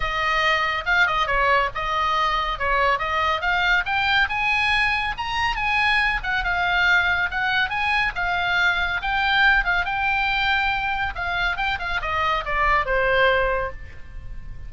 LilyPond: \new Staff \with { instrumentName = "oboe" } { \time 4/4 \tempo 4 = 140 dis''2 f''8 dis''8 cis''4 | dis''2 cis''4 dis''4 | f''4 g''4 gis''2 | ais''4 gis''4. fis''8 f''4~ |
f''4 fis''4 gis''4 f''4~ | f''4 g''4. f''8 g''4~ | g''2 f''4 g''8 f''8 | dis''4 d''4 c''2 | }